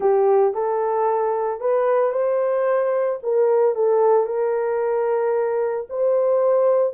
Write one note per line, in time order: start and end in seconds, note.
0.00 0.54 G4
0.54 1.60 A4
1.60 2.12 B4
2.12 3.19 C5
3.22 3.75 A#4
3.75 4.26 A4
4.26 5.87 A#4
5.89 6.93 C5